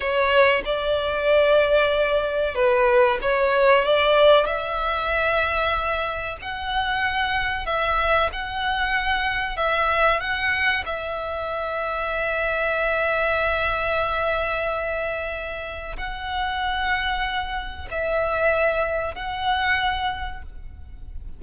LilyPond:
\new Staff \with { instrumentName = "violin" } { \time 4/4 \tempo 4 = 94 cis''4 d''2. | b'4 cis''4 d''4 e''4~ | e''2 fis''2 | e''4 fis''2 e''4 |
fis''4 e''2.~ | e''1~ | e''4 fis''2. | e''2 fis''2 | }